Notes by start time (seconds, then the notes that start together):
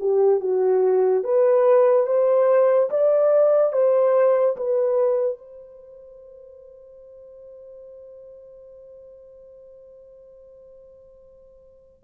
0.00 G4
0.41 F#4
1.24 B4
2.07 C5
2.91 D5
3.73 C5
4.57 B4
5.39 C5